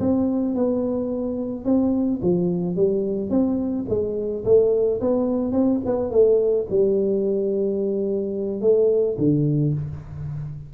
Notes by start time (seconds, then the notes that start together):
0.00 C4
0.55 B3
1.65 C4
2.22 F3
2.76 G3
3.30 C4
3.89 G#3
4.45 A3
5.01 B3
5.52 C4
5.86 B3
6.11 A3
6.70 G3
8.61 A3
9.18 D3